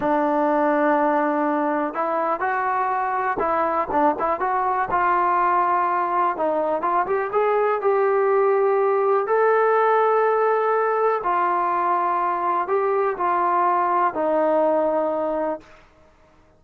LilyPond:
\new Staff \with { instrumentName = "trombone" } { \time 4/4 \tempo 4 = 123 d'1 | e'4 fis'2 e'4 | d'8 e'8 fis'4 f'2~ | f'4 dis'4 f'8 g'8 gis'4 |
g'2. a'4~ | a'2. f'4~ | f'2 g'4 f'4~ | f'4 dis'2. | }